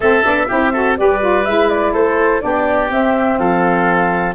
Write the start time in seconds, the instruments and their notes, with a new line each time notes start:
0.00 tuba A3, saxophone C4, oboe A4, flute E5
0.23 tuba B3, saxophone D4
0.48 tuba C4, saxophone E4, oboe G4
0.73 saxophone F#4, oboe A4
0.96 tuba G3, saxophone G4, oboe B4, flute D5
1.20 saxophone F4
1.45 tuba G#3, saxophone E4, flute E5
1.69 flute D5
1.92 tuba A3, oboe A4, flute C5
2.40 tuba B3, saxophone D4, oboe G4, flute D5
2.90 saxophone C4, tuba C4, flute E5
3.38 tuba F3, oboe A4, flute F5